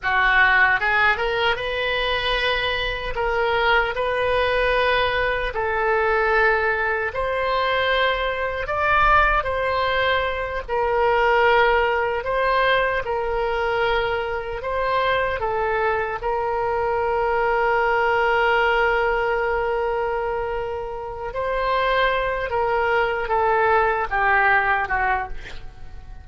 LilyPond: \new Staff \with { instrumentName = "oboe" } { \time 4/4 \tempo 4 = 76 fis'4 gis'8 ais'8 b'2 | ais'4 b'2 a'4~ | a'4 c''2 d''4 | c''4. ais'2 c''8~ |
c''8 ais'2 c''4 a'8~ | a'8 ais'2.~ ais'8~ | ais'2. c''4~ | c''8 ais'4 a'4 g'4 fis'8 | }